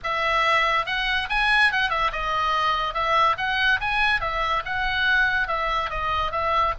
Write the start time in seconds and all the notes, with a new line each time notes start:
0.03 E5
0.86 F#5
1.29 G#5
1.72 F#5
1.90 E5
2.12 D#5
2.94 E5
3.37 F#5
3.80 G#5
4.20 E5
4.65 F#5
5.47 E5
5.90 D#5
6.31 E5